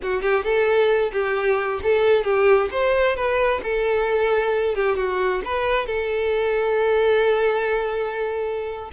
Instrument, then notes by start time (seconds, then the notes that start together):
violin
0.02 F#4
0.22 G4
0.44 A4
1.12 G4
1.83 A4
2.24 G4
2.71 C5
3.15 B4
3.63 A4
4.75 G4
4.96 F#4
5.44 B4
5.86 A4